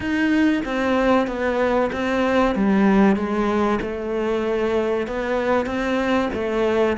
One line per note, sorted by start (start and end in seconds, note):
0.00 0.62 D#4
0.65 1.27 C4
1.27 1.90 B3
1.92 2.55 C4
2.55 3.16 G3
3.16 3.79 G#3
3.81 5.07 A3
5.07 5.66 B3
5.66 6.29 C4
6.33 6.96 A3